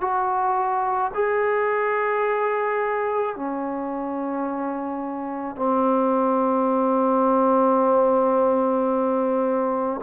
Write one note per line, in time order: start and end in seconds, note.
0.00 1.11 F#4
1.14 3.35 G#4
3.35 5.56 C#4
5.56 10.00 C4